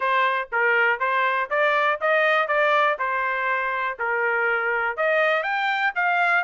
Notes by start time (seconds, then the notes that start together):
0.00 C5
0.52 A#4
0.99 C5
1.50 D5
2.00 D#5
2.47 D5
2.98 C5
3.98 A#4
4.96 D#5
5.43 G5
5.95 F5